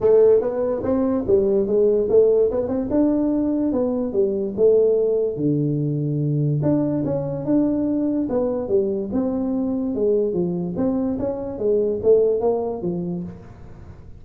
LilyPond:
\new Staff \with { instrumentName = "tuba" } { \time 4/4 \tempo 4 = 145 a4 b4 c'4 g4 | gis4 a4 b8 c'8 d'4~ | d'4 b4 g4 a4~ | a4 d2. |
d'4 cis'4 d'2 | b4 g4 c'2 | gis4 f4 c'4 cis'4 | gis4 a4 ais4 f4 | }